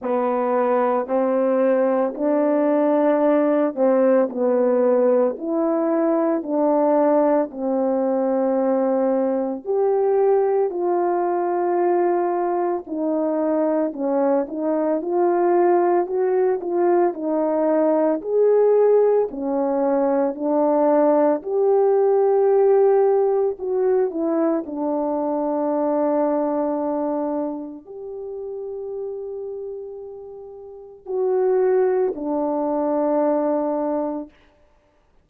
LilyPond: \new Staff \with { instrumentName = "horn" } { \time 4/4 \tempo 4 = 56 b4 c'4 d'4. c'8 | b4 e'4 d'4 c'4~ | c'4 g'4 f'2 | dis'4 cis'8 dis'8 f'4 fis'8 f'8 |
dis'4 gis'4 cis'4 d'4 | g'2 fis'8 e'8 d'4~ | d'2 g'2~ | g'4 fis'4 d'2 | }